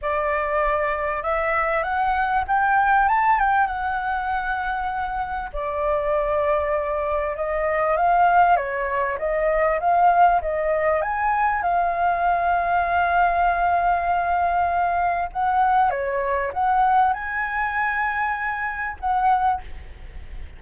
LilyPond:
\new Staff \with { instrumentName = "flute" } { \time 4/4 \tempo 4 = 98 d''2 e''4 fis''4 | g''4 a''8 g''8 fis''2~ | fis''4 d''2. | dis''4 f''4 cis''4 dis''4 |
f''4 dis''4 gis''4 f''4~ | f''1~ | f''4 fis''4 cis''4 fis''4 | gis''2. fis''4 | }